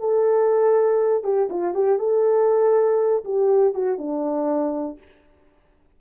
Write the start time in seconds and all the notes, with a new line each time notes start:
0.00 A4
1.24 G4
1.50 F4
1.75 G4
1.99 A4
3.25 G4
3.74 F#4
3.98 D4